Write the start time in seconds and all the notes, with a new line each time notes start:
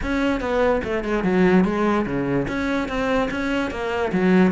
0.02 C#4
0.40 B3
0.84 A3
1.04 G#3
1.23 F#3
1.64 G#3
2.05 C#3
2.48 C#4
2.88 C4
3.30 C#4
3.70 A#3
4.12 F#3